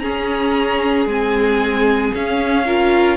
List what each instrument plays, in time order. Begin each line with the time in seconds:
0.00 viola C#4, cello C#4, violin G#4 A#5
1.06 cello G#3, viola C4, violin G#5
2.14 viola C#4, cello C#4, violin F5
2.66 viola F4, violin A#4